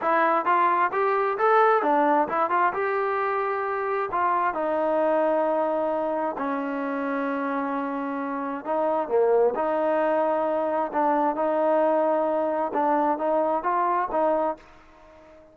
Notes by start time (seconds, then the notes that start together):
0.01 E4
0.45 F4
0.92 G4
1.38 A4
1.82 D4
2.28 E4
2.50 F4
2.73 G4
4.11 F4
4.54 D#4
6.37 C#4
8.64 D#4
9.08 A#3
9.55 D#4
10.93 D4
11.35 D#4
12.73 D4
13.18 D#4
13.63 F4
14.11 D#4